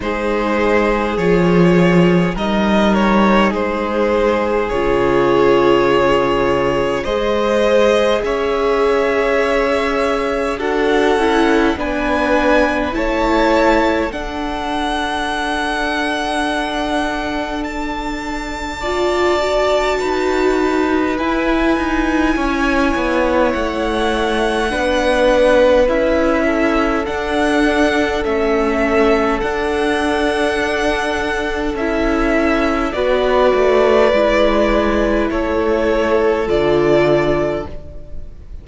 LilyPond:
<<
  \new Staff \with { instrumentName = "violin" } { \time 4/4 \tempo 4 = 51 c''4 cis''4 dis''8 cis''8 c''4 | cis''2 dis''4 e''4~ | e''4 fis''4 gis''4 a''4 | fis''2. a''4~ |
a''2 gis''2 | fis''2 e''4 fis''4 | e''4 fis''2 e''4 | d''2 cis''4 d''4 | }
  \new Staff \with { instrumentName = "violin" } { \time 4/4 gis'2 ais'4 gis'4~ | gis'2 c''4 cis''4~ | cis''4 a'4 b'4 cis''4 | a'1 |
d''4 b'2 cis''4~ | cis''4 b'4. a'4.~ | a'1 | b'2 a'2 | }
  \new Staff \with { instrumentName = "viola" } { \time 4/4 dis'4 f'4 dis'2 | f'2 gis'2~ | gis'4 fis'8 e'8 d'4 e'4 | d'1 |
f'8 fis'4. e'2~ | e'4 d'4 e'4 d'4 | cis'4 d'2 e'4 | fis'4 e'2 f'4 | }
  \new Staff \with { instrumentName = "cello" } { \time 4/4 gis4 f4 g4 gis4 | cis2 gis4 cis'4~ | cis'4 d'8 cis'8 b4 a4 | d'1~ |
d'4 dis'4 e'8 dis'8 cis'8 b8 | a4 b4 cis'4 d'4 | a4 d'2 cis'4 | b8 a8 gis4 a4 d4 | }
>>